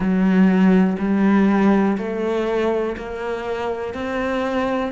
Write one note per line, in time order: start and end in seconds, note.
0.00 0.97 F#3
0.98 1.97 G3
1.97 2.96 A3
2.97 3.93 A#3
3.93 4.92 C4